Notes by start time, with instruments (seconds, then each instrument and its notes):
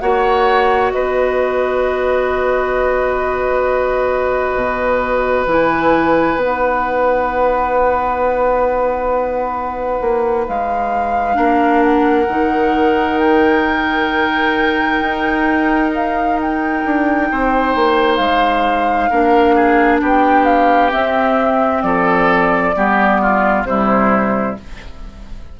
0.00 bassoon A#3, clarinet F#4, oboe C#5, flute F#5
0.91 bassoon B3, oboe B4, flute D#5
4.55 bassoon B2
5.46 bassoon E3, clarinet E4, flute G#5
6.36 bassoon B3, clarinet D#4, flute F#5
10.01 bassoon A#3
10.47 bassoon G#3, flute F5
11.34 bassoon A#3, clarinet D4, oboe A#4
11.83 flute F#5
12.28 bassoon D#3, clarinet D#4
13.18 flute G5
15.01 bassoon D#4
15.94 flute F5
16.41 flute G5
16.85 bassoon D4
17.31 bassoon C4, oboe C5
17.75 bassoon A#3
18.16 bassoon G#3, flute F5
19.10 bassoon A#3, clarinet D4, oboe A#4
19.55 oboe G#4
20.01 bassoon B3, oboe G4, flute G5
20.45 flute F5
20.91 clarinet C4, bassoon C4, flute E5
21.82 bassoon F3, oboe A4, flute D5
22.76 bassoon G3, clarinet B3, oboe G4
23.21 oboe F4
23.64 bassoon C3, clarinet G3, oboe E4, flute C5